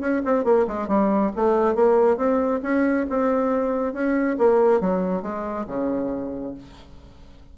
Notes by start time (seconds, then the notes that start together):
0.00 C#4
0.25 C4
0.44 A#3
0.67 G#3
0.88 G3
1.36 A3
1.75 A#3
2.17 C4
2.62 C#4
3.09 C4
3.93 C#4
4.38 A#3
4.80 F#3
5.22 G#3
5.67 C#3